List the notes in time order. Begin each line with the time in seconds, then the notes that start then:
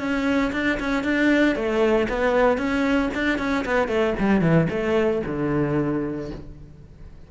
0.00 C#4
0.53 D4
0.80 C#4
1.04 D4
1.56 A3
2.09 B3
2.58 C#4
3.15 D4
3.39 C#4
3.66 B3
3.88 A3
4.20 G3
4.42 E3
4.70 A3
5.27 D3